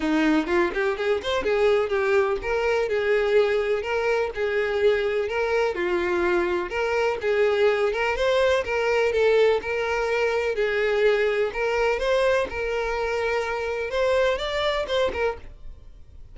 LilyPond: \new Staff \with { instrumentName = "violin" } { \time 4/4 \tempo 4 = 125 dis'4 f'8 g'8 gis'8 c''8 gis'4 | g'4 ais'4 gis'2 | ais'4 gis'2 ais'4 | f'2 ais'4 gis'4~ |
gis'8 ais'8 c''4 ais'4 a'4 | ais'2 gis'2 | ais'4 c''4 ais'2~ | ais'4 c''4 d''4 c''8 ais'8 | }